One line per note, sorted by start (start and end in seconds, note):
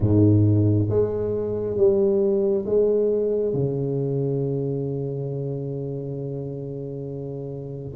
0.00 0.87 G#2
0.89 1.76 G#3
1.76 2.65 G3
2.65 3.53 G#3
3.53 7.94 C#3